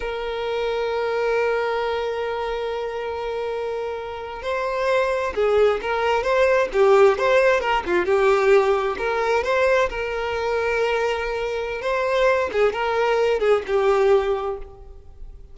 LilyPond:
\new Staff \with { instrumentName = "violin" } { \time 4/4 \tempo 4 = 132 ais'1~ | ais'1~ | ais'4.~ ais'16 c''2 gis'16~ | gis'8. ais'4 c''4 g'4 c''16~ |
c''8. ais'8 f'8 g'2 ais'16~ | ais'8. c''4 ais'2~ ais'16~ | ais'2 c''4. gis'8 | ais'4. gis'8 g'2 | }